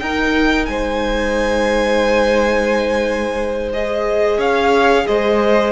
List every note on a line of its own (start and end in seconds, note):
0.00 0.68 D#4
0.00 3.73 D#4
0.00 0.70 A#4
0.00 0.66 G5
0.66 4.38 G#3
0.66 4.38 C5
0.66 3.70 G#5
3.73 5.72 G#4
3.73 4.41 D#5
4.38 5.06 C#4
4.38 5.05 C#5
4.38 5.07 F5
5.07 5.72 G#3
5.07 5.72 C5
5.07 5.72 D#5